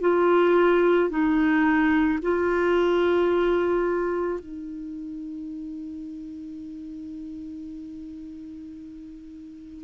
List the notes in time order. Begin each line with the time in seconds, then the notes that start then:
0.00 F4
1.09 D#4
2.22 F4
4.39 D#4